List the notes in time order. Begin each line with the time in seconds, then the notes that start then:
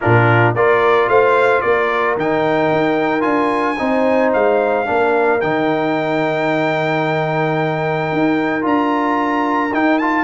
0.00 A#2 D4 F4 A#4
0.54 A#3 F4 A#4 D5
1.07 A3 C5 F5
1.61 A#3 A#4 D5
2.17 D#3 D#4 G5
2.71 D#4
3.20 D4 F4 G#5
3.78 C4 D#4 C5
4.33 G#3 F5
4.85 A#3 D4 A#4
5.40 D#3 D#4 G5
8.12 D#4
8.61 D4 F4 A#5
9.73 D#4 G5
9.98 F4 A5